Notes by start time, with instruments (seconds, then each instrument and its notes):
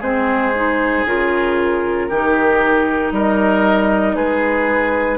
0.00 bassoon G#3, clarinet C4, oboe G#4, flute C5
0.55 clarinet D#4
1.06 bassoon C#3, clarinet F4, flute A#4
2.09 bassoon D#3, clarinet D#4, oboe G4
3.12 bassoon G3, oboe A#4, flute D#5
4.15 bassoon G#3, oboe G#4, flute B4